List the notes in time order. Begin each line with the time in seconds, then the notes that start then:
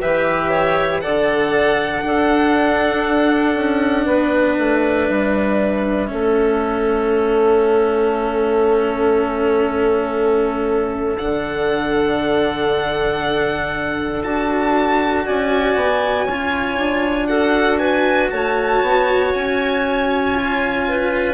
0.00 E3 G4 B4 E5
0.50 C#5
1.00 D3 A4 D5 F#5
2.01 D4 A4
3.55 C#4
4.05 B3 B4
4.58 A3
5.07 G3 E5
6.07 A3 C#4 A4
11.17 D3 D4 F#5
14.24 D4 F#4 A5
15.25 C#4 D5 G#5
15.75 B3
16.25 C#4 F4 C#5
16.78 D4
17.27 F#4 A4 F#5
17.78 B4 G#5
18.30 A3 C#5 A5
18.82 B3
19.34 C#4 G#5
20.34 F4
20.87 B4